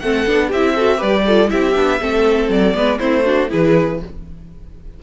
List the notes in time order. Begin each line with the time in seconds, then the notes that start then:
0.00 A3 C4 A4 F#5
0.27 B3 D4
0.49 C4 G4 E5
0.56 E4
0.76 F#4 A4
0.98 G3 G4 B4 D5
1.26 F4 A4
1.49 C4 E4 G4 E5
1.75 B3 D4
2.01 A3 C4 A4
2.49 F#3 D5
2.74 G#3 B3 B4
2.99 A3 C4 E4 C5
3.26 D4 F#4
3.50 E3 E4 G#4 B4